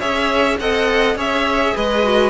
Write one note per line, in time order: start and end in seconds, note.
0.00 0.60 C#4
0.00 0.59 G#4
0.00 0.58 C#5
0.00 0.58 E5
0.59 1.16 C4
0.59 1.16 A4
0.59 1.17 D#5
0.59 1.17 F#5
1.16 1.73 C#4
1.16 2.03 G#4
1.16 1.74 C#5
1.16 1.77 E5
1.75 2.30 G#3
1.75 2.30 B4
1.75 2.30 D#5
2.04 2.30 F#4